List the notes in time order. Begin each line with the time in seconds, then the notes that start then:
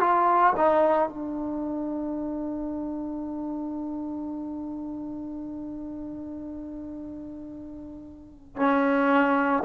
0.00 F4
0.57 D#4
1.09 D4
8.56 C#4